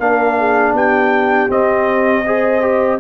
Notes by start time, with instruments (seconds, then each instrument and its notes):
0.00 tuba A#3, trombone D4, horn A#4, trumpet F5
0.39 horn G#4
0.74 tuba B3, horn G4, trumpet G5
1.50 trombone C4, tuba C4, trumpet D#5
2.27 trombone G#4, horn C5
2.61 trombone G4